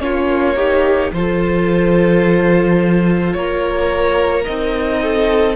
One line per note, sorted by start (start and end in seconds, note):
0.00 1.11 A#3
0.00 0.56 C#4
0.00 0.56 F4
0.00 1.12 C#5
0.56 1.12 D#4
0.56 1.12 G4
1.12 3.34 F3
1.12 4.46 F4
1.12 3.37 A4
1.12 3.33 C5
3.33 4.47 A#3
3.33 5.02 A#4
3.33 4.44 C#5
4.44 5.56 C4
4.44 5.56 D#4
4.44 5.56 D#5
5.02 5.56 A4